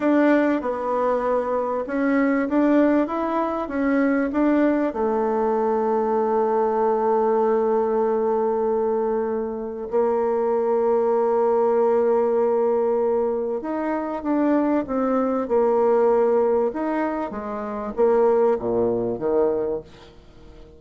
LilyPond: \new Staff \with { instrumentName = "bassoon" } { \time 4/4 \tempo 4 = 97 d'4 b2 cis'4 | d'4 e'4 cis'4 d'4 | a1~ | a1 |
ais1~ | ais2 dis'4 d'4 | c'4 ais2 dis'4 | gis4 ais4 ais,4 dis4 | }